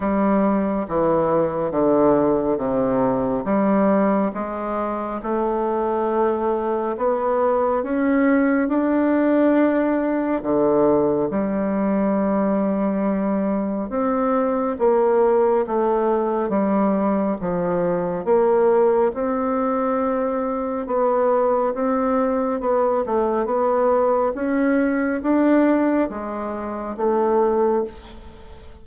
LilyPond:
\new Staff \with { instrumentName = "bassoon" } { \time 4/4 \tempo 4 = 69 g4 e4 d4 c4 | g4 gis4 a2 | b4 cis'4 d'2 | d4 g2. |
c'4 ais4 a4 g4 | f4 ais4 c'2 | b4 c'4 b8 a8 b4 | cis'4 d'4 gis4 a4 | }